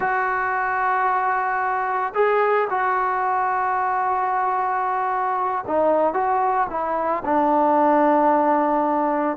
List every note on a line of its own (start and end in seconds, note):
0.00 2.13 F#4
2.14 2.67 G#4
2.70 5.64 F#4
5.67 6.13 D#4
6.13 6.67 F#4
6.69 7.23 E4
7.24 9.37 D4